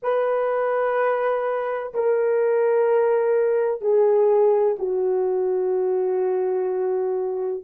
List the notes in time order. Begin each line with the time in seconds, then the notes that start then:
0.02 B4
1.94 A#4
3.81 G#4
4.79 F#4